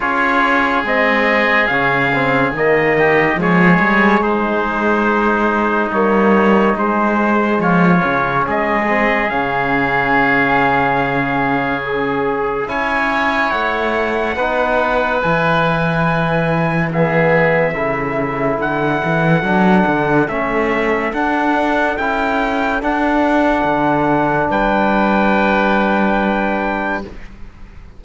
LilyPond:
<<
  \new Staff \with { instrumentName = "trumpet" } { \time 4/4 \tempo 4 = 71 cis''4 dis''4 f''4 dis''4 | cis''4 c''2 cis''4 | c''4 cis''4 dis''4 f''4~ | f''2 gis'4 gis''4 |
fis''2 gis''2 | e''2 fis''2 | e''4 fis''4 g''4 fis''4~ | fis''4 g''2. | }
  \new Staff \with { instrumentName = "oboe" } { \time 4/4 gis'2.~ gis'8 g'8 | gis'4 dis'2.~ | dis'4 f'4 gis'2~ | gis'2. cis''4~ |
cis''4 b'2. | gis'4 a'2.~ | a'1~ | a'4 b'2. | }
  \new Staff \with { instrumentName = "trombone" } { \time 4/4 f'4 c'4 cis'8 c'8 ais4 | gis2. ais4 | gis4. cis'4 c'8 cis'4~ | cis'2. e'4~ |
e'4 dis'4 e'2 | b4 e'2 d'4 | cis'4 d'4 e'4 d'4~ | d'1 | }
  \new Staff \with { instrumentName = "cello" } { \time 4/4 cis'4 gis4 cis4 dis4 | f8 g8 gis2 g4 | gis4 f8 cis8 gis4 cis4~ | cis2. cis'4 |
a4 b4 e2~ | e4 cis4 d8 e8 fis8 d8 | a4 d'4 cis'4 d'4 | d4 g2. | }
>>